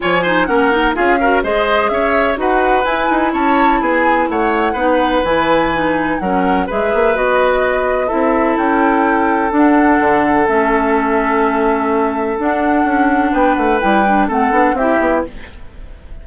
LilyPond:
<<
  \new Staff \with { instrumentName = "flute" } { \time 4/4 \tempo 4 = 126 gis''4 fis''4 f''4 dis''4 | e''4 fis''4 gis''4 a''4 | gis''4 fis''2 gis''4~ | gis''4 fis''4 e''4 dis''4~ |
dis''4 e''4 g''2 | fis''2 e''2~ | e''2 fis''2 | g''8 fis''8 g''4 fis''4 e''4 | }
  \new Staff \with { instrumentName = "oboe" } { \time 4/4 cis''8 c''8 ais'4 gis'8 ais'8 c''4 | cis''4 b'2 cis''4 | gis'4 cis''4 b'2~ | b'4 ais'4 b'2~ |
b'4 a'2.~ | a'1~ | a'1 | b'2 a'4 g'4 | }
  \new Staff \with { instrumentName = "clarinet" } { \time 4/4 f'8 dis'8 cis'8 dis'8 f'8 fis'8 gis'4~ | gis'4 fis'4 e'2~ | e'2 dis'4 e'4 | dis'4 cis'4 gis'4 fis'4~ |
fis'4 e'2. | d'2 cis'2~ | cis'2 d'2~ | d'4 e'8 d'8 c'8 d'8 e'4 | }
  \new Staff \with { instrumentName = "bassoon" } { \time 4/4 f4 ais4 cis'4 gis4 | cis'4 dis'4 e'8 dis'8 cis'4 | b4 a4 b4 e4~ | e4 fis4 gis8 ais8 b4~ |
b4 c'4 cis'2 | d'4 d4 a2~ | a2 d'4 cis'4 | b8 a8 g4 a8 b8 c'8 b8 | }
>>